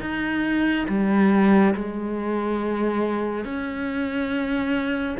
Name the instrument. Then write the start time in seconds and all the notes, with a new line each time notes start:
cello
0.00 D#4
0.88 G3
1.75 G#3
3.44 C#4